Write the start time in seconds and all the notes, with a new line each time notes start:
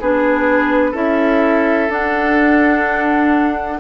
0.00 B3 D4 G#4 B4
0.91 C#4 E4 A4 E5
1.89 D4 F#5